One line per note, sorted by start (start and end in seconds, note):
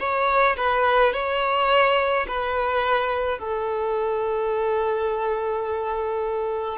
0.00 0.57 C#5
0.57 1.13 B4
1.13 2.26 C#5
2.28 3.39 B4
3.39 6.78 A4